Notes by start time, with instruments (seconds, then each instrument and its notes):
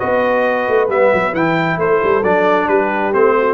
0.00 tuba B3, trombone F#4, horn B4, trumpet D#5
0.69 tuba A3
0.89 tuba G3, trombone B3, trumpet E5
1.14 tuba F#3
1.34 tuba E3, trombone E4, trumpet G5
1.78 tuba A3, horn A4, trumpet C5
2.04 tuba G3
2.24 tuba F#3, trombone D4, trumpet D5
2.69 tuba G3, horn G4, trumpet B4
3.14 tuba A3, trombone C4, trumpet C5
3.38 horn F#4